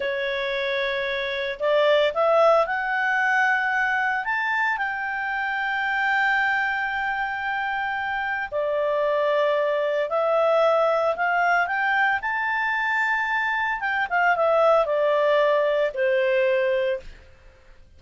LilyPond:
\new Staff \with { instrumentName = "clarinet" } { \time 4/4 \tempo 4 = 113 cis''2. d''4 | e''4 fis''2. | a''4 g''2.~ | g''1 |
d''2. e''4~ | e''4 f''4 g''4 a''4~ | a''2 g''8 f''8 e''4 | d''2 c''2 | }